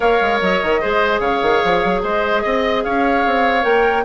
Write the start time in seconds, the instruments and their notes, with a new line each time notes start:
0.00 bassoon A#3, clarinet A#4, oboe C#5, flute F5
0.21 bassoon G#3
0.41 bassoon F#3, flute D#5
0.62 bassoon D#3
0.81 bassoon G#3, clarinet G#4, oboe C5
1.19 bassoon C#3, oboe C#5, flute F5
1.42 bassoon D#3
1.64 bassoon F3
1.84 bassoon F#3
2.02 bassoon G#3, oboe C5, flute D#5
2.42 bassoon C4, oboe D#5
2.83 bassoon C#4, oboe C#5, flute F5
3.25 bassoon C4
3.62 bassoon A#3, clarinet A#4, flute G5